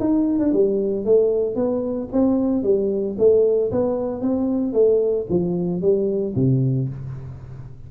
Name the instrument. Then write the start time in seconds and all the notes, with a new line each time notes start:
tuba
0.00 D#4
0.39 D4
0.53 G3
1.05 A3
1.56 B3
2.12 C4
2.63 G3
3.18 A3
3.71 B3
4.21 C4
4.73 A3
5.30 F3
5.82 G3
6.35 C3